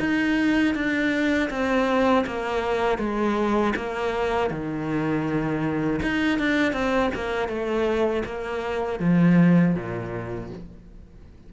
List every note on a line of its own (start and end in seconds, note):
0.00 0.75 D#4
0.75 1.50 D4
1.50 2.25 C4
2.27 2.99 A#3
2.99 3.74 G#3
3.76 4.51 A#3
4.51 6.01 D#3
6.03 6.39 D#4
6.39 6.73 D4
6.73 7.11 C4
7.15 7.49 A#3
7.49 8.24 A3
8.25 9.00 A#3
9.00 9.75 F3
9.75 10.50 A#2